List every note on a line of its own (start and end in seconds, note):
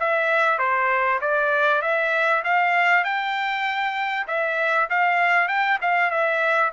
0.00 0.58 E5
0.58 1.20 C5
1.21 1.82 D5
1.82 2.43 E5
2.44 3.04 F5
3.04 4.26 G5
4.27 4.88 E5
4.90 5.48 F5
5.48 5.79 G5
5.81 6.11 F5
6.11 6.72 E5